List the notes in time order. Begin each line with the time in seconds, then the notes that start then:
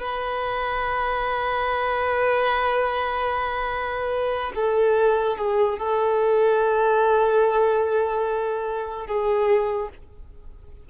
0.00 B4
4.56 A4
5.38 G#4
5.79 A4
9.07 G#4